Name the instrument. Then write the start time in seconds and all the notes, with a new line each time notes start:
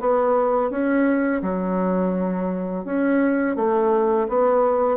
bassoon
0.00 B3
0.70 C#4
1.42 F#3
2.85 C#4
3.56 A3
4.28 B3